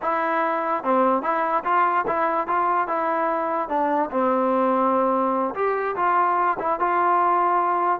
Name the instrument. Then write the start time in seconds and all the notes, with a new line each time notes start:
trombone
0.01 E4
0.83 C4
1.22 E4
1.64 F4
2.07 E4
2.47 F4
2.87 E4
3.69 D4
4.10 C4
5.54 G4
5.96 F4
6.59 E4
6.79 F4